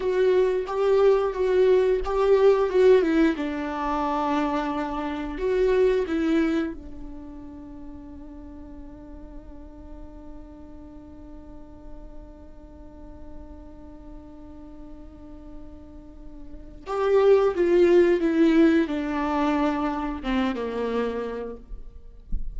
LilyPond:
\new Staff \with { instrumentName = "viola" } { \time 4/4 \tempo 4 = 89 fis'4 g'4 fis'4 g'4 | fis'8 e'8 d'2. | fis'4 e'4 d'2~ | d'1~ |
d'1~ | d'1~ | d'4 g'4 f'4 e'4 | d'2 c'8 ais4. | }